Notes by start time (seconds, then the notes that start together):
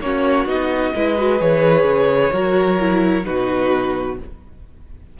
0.00 A#3 C#4 C#5
0.06 F#4
0.46 B3 D#4 D#5
0.96 G#3 E4 B4
1.18 F#4
1.39 E3 G#4 C#5
1.84 C#3
2.33 F#3 F#4 A#4
2.80 E4
3.25 B2 D#4 F#4 B4